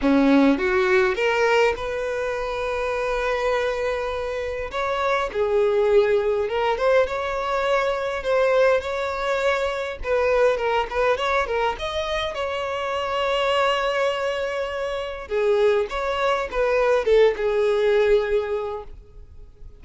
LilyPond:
\new Staff \with { instrumentName = "violin" } { \time 4/4 \tempo 4 = 102 cis'4 fis'4 ais'4 b'4~ | b'1 | cis''4 gis'2 ais'8 c''8 | cis''2 c''4 cis''4~ |
cis''4 b'4 ais'8 b'8 cis''8 ais'8 | dis''4 cis''2.~ | cis''2 gis'4 cis''4 | b'4 a'8 gis'2~ gis'8 | }